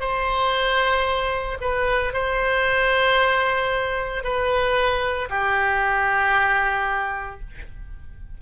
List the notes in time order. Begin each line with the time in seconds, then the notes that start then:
0.00 C5
1.61 B4
2.13 C5
4.23 B4
5.30 G4